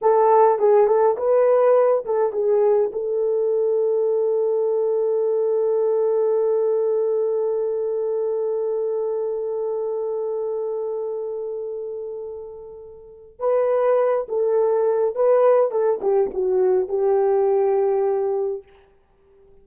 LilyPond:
\new Staff \with { instrumentName = "horn" } { \time 4/4 \tempo 4 = 103 a'4 gis'8 a'8 b'4. a'8 | gis'4 a'2.~ | a'1~ | a'1~ |
a'1~ | a'2. b'4~ | b'8 a'4. b'4 a'8 g'8 | fis'4 g'2. | }